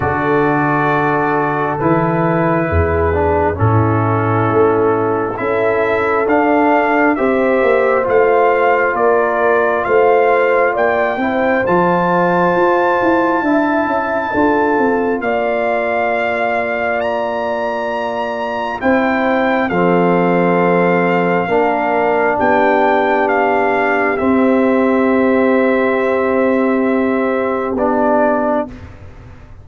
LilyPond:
<<
  \new Staff \with { instrumentName = "trumpet" } { \time 4/4 \tempo 4 = 67 d''2 b'2 | a'2 e''4 f''4 | e''4 f''4 d''4 f''4 | g''4 a''2.~ |
a''4 f''2 ais''4~ | ais''4 g''4 f''2~ | f''4 g''4 f''4 e''4~ | e''2. d''4 | }
  \new Staff \with { instrumentName = "horn" } { \time 4/4 a'2. gis'4 | e'2 a'2 | c''2 ais'4 c''4 | d''8 c''2~ c''8 e''4 |
a'4 d''2.~ | d''4 c''4 a'2 | ais'4 g'2.~ | g'1 | }
  \new Staff \with { instrumentName = "trombone" } { \time 4/4 fis'2 e'4. d'8 | cis'2 e'4 d'4 | g'4 f'2.~ | f'8 e'8 f'2 e'4 |
f'1~ | f'4 e'4 c'2 | d'2. c'4~ | c'2. d'4 | }
  \new Staff \with { instrumentName = "tuba" } { \time 4/4 d2 e4 e,4 | a,4 a4 cis'4 d'4 | c'8 ais8 a4 ais4 a4 | ais8 c'8 f4 f'8 e'8 d'8 cis'8 |
d'8 c'8 ais2.~ | ais4 c'4 f2 | ais4 b2 c'4~ | c'2. b4 | }
>>